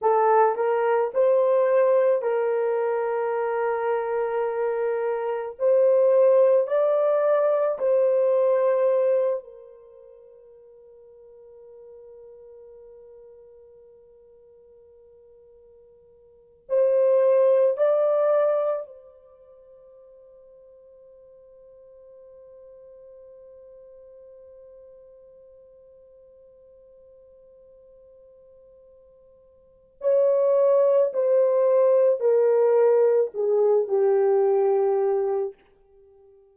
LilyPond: \new Staff \with { instrumentName = "horn" } { \time 4/4 \tempo 4 = 54 a'8 ais'8 c''4 ais'2~ | ais'4 c''4 d''4 c''4~ | c''8 ais'2.~ ais'8~ | ais'2. c''4 |
d''4 c''2.~ | c''1~ | c''2. cis''4 | c''4 ais'4 gis'8 g'4. | }